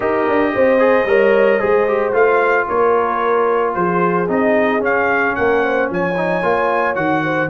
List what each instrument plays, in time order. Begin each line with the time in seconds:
0.00 tuba D#4, trombone G4, horn A#4, trumpet D#5
0.28 tuba D4
0.54 tuba C4, horn C5
0.78 trombone G#4
1.05 tuba G3, trombone A#4, horn C#5
1.58 tuba G#3, trombone G#4, horn C5
1.87 trombone G4
2.12 tuba A3, trombone F4, trumpet F5
2.68 tuba A#3, horn A#4, trumpet C#5
3.73 tuba F3, horn G#4, trumpet C5
4.28 tuba C4, trombone D#4, trumpet D#5
4.80 trombone C#4, tuba C#4, trumpet F5
5.35 tuba A#3, horn A#4, trumpet F#5
5.63 horn C5
5.89 tuba F3, horn C#5, trumpet G#5
6.16 trombone D#4
6.42 tuba A#3, trombone F4
6.95 tuba D#3, trombone F#4, trumpet F#5
7.23 horn C5